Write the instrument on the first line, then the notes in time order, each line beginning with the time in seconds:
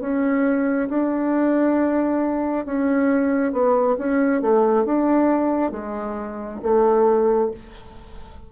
bassoon
0.00 C#4
0.89 D4
2.65 C#4
3.52 B3
3.98 C#4
4.42 A3
4.85 D4
5.72 G#3
6.63 A3